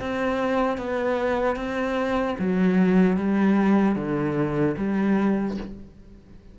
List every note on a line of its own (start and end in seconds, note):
0.00 0.78 C4
0.78 1.56 B3
1.56 2.36 C4
2.39 3.17 F#3
3.17 3.95 G3
3.95 4.75 D3
4.77 5.57 G3